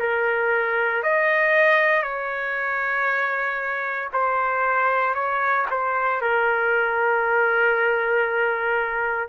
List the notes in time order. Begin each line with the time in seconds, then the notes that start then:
0.00 A#4
1.03 D#5
2.03 C#5
4.13 C5
5.14 C#5
5.71 C5
6.22 A#4